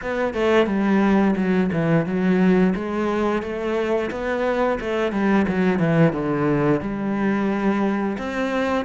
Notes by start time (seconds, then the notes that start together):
0.02 B3
0.34 A3
0.66 G3
1.36 F#3
1.72 E3
2.05 F#3
2.75 G#3
3.42 A3
4.10 B3
4.80 A3
5.12 G3
5.48 F#3
5.79 E3
6.12 D3
6.80 G3
8.18 C4